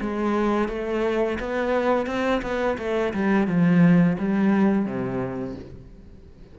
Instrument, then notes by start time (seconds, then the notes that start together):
cello
0.00 G#3
0.68 A3
1.39 B3
2.06 C4
2.42 B3
2.78 A3
3.13 G3
3.47 F3
4.18 G3
4.85 C3